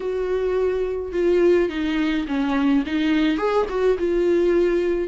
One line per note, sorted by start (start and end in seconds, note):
0.00 1.12 F#4
1.12 1.69 F4
1.69 2.25 D#4
2.27 2.84 C#4
2.86 3.37 D#4
3.37 3.66 G#4
3.69 3.97 F#4
3.98 5.08 F4